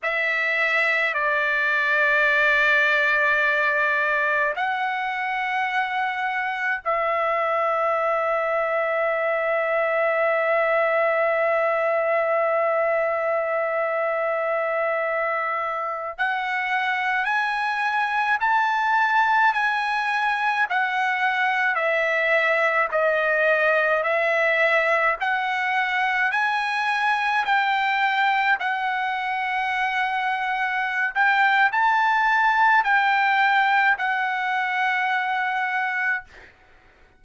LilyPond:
\new Staff \with { instrumentName = "trumpet" } { \time 4/4 \tempo 4 = 53 e''4 d''2. | fis''2 e''2~ | e''1~ | e''2~ e''16 fis''4 gis''8.~ |
gis''16 a''4 gis''4 fis''4 e''8.~ | e''16 dis''4 e''4 fis''4 gis''8.~ | gis''16 g''4 fis''2~ fis''16 g''8 | a''4 g''4 fis''2 | }